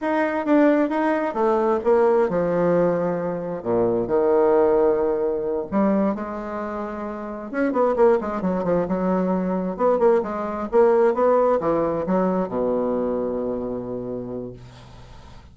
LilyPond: \new Staff \with { instrumentName = "bassoon" } { \time 4/4 \tempo 4 = 132 dis'4 d'4 dis'4 a4 | ais4 f2. | ais,4 dis2.~ | dis8 g4 gis2~ gis8~ |
gis8 cis'8 b8 ais8 gis8 fis8 f8 fis8~ | fis4. b8 ais8 gis4 ais8~ | ais8 b4 e4 fis4 b,8~ | b,1 | }